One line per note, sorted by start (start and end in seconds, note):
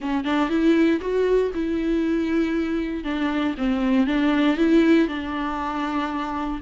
0.00 0.24 C#4
0.24 0.49 D4
0.49 1.00 E4
1.01 1.51 F#4
1.54 3.03 E4
3.03 3.54 D4
3.57 4.07 C4
4.07 4.57 D4
4.57 5.08 E4
5.08 6.60 D4